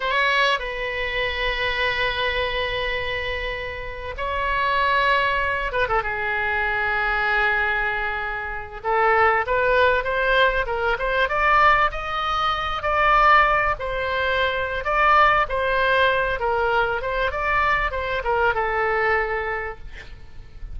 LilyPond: \new Staff \with { instrumentName = "oboe" } { \time 4/4 \tempo 4 = 97 cis''4 b'2.~ | b'2~ b'8. cis''4~ cis''16~ | cis''4~ cis''16 b'16 a'16 gis'2~ gis'16~ | gis'2~ gis'16 a'4 b'8.~ |
b'16 c''4 ais'8 c''8 d''4 dis''8.~ | dis''8. d''4. c''4.~ c''16 | d''4 c''4. ais'4 c''8 | d''4 c''8 ais'8 a'2 | }